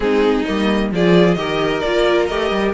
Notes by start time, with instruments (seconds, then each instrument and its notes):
0.00 cello G#3, viola C4, violin D#4 G#4
0.45 cello G3, viola A#3, violin D#5
0.91 cello F3, viola F4, violin G#4 D5
1.34 cello D#3, viola G4, violin A#4 D#5
1.80 cello A#3, viola F4, violin D5
2.26 cello A3, viola G4, violin D#5
2.50 cello G3